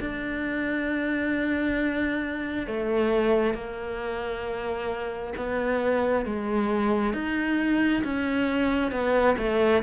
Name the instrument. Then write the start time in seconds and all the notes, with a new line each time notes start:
cello
0.00 D4
2.67 A3
3.55 A#3
5.36 B3
6.26 G#3
7.14 D#4
8.04 C#4
8.91 B3
9.38 A3